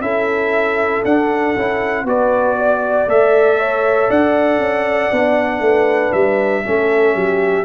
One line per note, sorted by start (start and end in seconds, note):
0.00 1.02 C#4
0.00 1.04 E4
0.00 2.06 A4
0.00 1.03 E5
1.04 1.55 D4
1.04 1.56 D4
1.04 2.06 F#5
1.56 2.04 C#4
1.56 2.06 E4
2.04 3.06 B3
2.04 3.08 F#4
2.04 2.57 B4
2.04 3.09 D5
2.57 3.58 D5
3.07 4.08 A3
3.07 5.12 A4
3.07 4.10 E5
3.59 4.09 C#5
4.09 4.58 D4
4.09 5.61 D5
4.09 6.12 F#5
4.58 5.09 C#4
5.11 5.60 B3
5.11 6.64 D4
5.60 6.11 A3
5.60 6.64 B4
6.12 6.64 G3
6.12 7.64 E5
6.64 7.15 A3
6.64 7.64 C#4
6.64 7.14 A4
7.14 7.64 F#3
7.14 7.64 G4